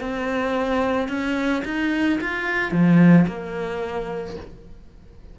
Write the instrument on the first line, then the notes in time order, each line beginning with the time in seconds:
cello
0.00 C4
1.08 C#4
1.64 D#4
2.21 F4
2.71 F3
3.27 A#3